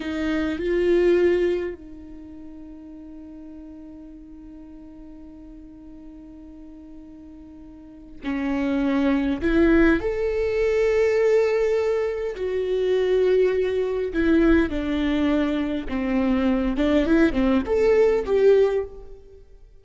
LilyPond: \new Staff \with { instrumentName = "viola" } { \time 4/4 \tempo 4 = 102 dis'4 f'2 dis'4~ | dis'1~ | dis'1~ | dis'2 cis'2 |
e'4 a'2.~ | a'4 fis'2. | e'4 d'2 c'4~ | c'8 d'8 e'8 c'8 a'4 g'4 | }